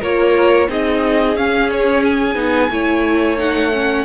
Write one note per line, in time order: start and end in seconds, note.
0.00 0.69 A#3
0.00 0.68 F4
0.00 0.67 A#4
0.00 0.70 C#5
0.68 1.36 C4
0.68 1.36 D#4
0.68 2.71 G#4
0.68 1.36 D#5
1.36 2.35 C#4
1.36 1.70 F5
1.71 2.04 C#5
2.04 3.39 G#5
2.35 2.69 B3
2.35 2.69 D#4
2.70 4.05 A3
2.70 3.37 E4
2.70 4.05 C#5
3.37 3.71 D#4
3.37 4.05 F#5
3.73 4.05 C#4